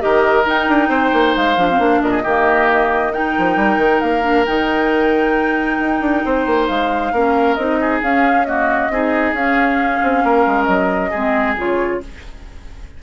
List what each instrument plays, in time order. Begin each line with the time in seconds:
0.00 bassoon D#3, clarinet G4, oboe A#4, flute D#5
0.46 bassoon D#4, clarinet D#4, flute G5
0.69 bassoon D4
0.89 bassoon C4, oboe C5
1.13 bassoon A#3
1.36 bassoon G#3, flute F5
1.57 bassoon F3, clarinet D4
1.70 clarinet C4
1.79 bassoon A#3, clarinet D4
2.02 bassoon A#2, oboe A#4, flute D#5
2.11 oboe G#4
2.23 bassoon D#3, clarinet A#3, oboe G4
3.13 clarinet D#4, oboe A#4, flute G5
3.39 bassoon F3
3.56 bassoon G3
3.78 bassoon D#3
4.01 bassoon A#3, flute F5
4.22 clarinet D4
4.46 bassoon D#3, clarinet D#4, flute G5
5.79 bassoon D#4
6.01 bassoon D4
6.25 bassoon C4, oboe C5
6.46 bassoon A#3
6.68 bassoon G#3, flute F5
7.13 bassoon A#3, clarinet C#4, oboe A#4
7.55 bassoon C4, clarinet D#4, flute D#5
7.81 oboe G#4
8.02 bassoon C#4, clarinet C#4, flute F5
8.45 clarinet A#3, oboe F#4, flute D#5
8.90 bassoon C4, clarinet D#4, oboe G#4
9.33 bassoon C#4, clarinet C#4, flute F5
10.03 bassoon C4
10.24 bassoon A#3, oboe A#4
10.47 bassoon G#3
10.64 bassoon F#3, flute D#5
11.11 bassoon G#3, clarinet C4, oboe G#4
11.57 bassoon C#3, clarinet F4, flute C#5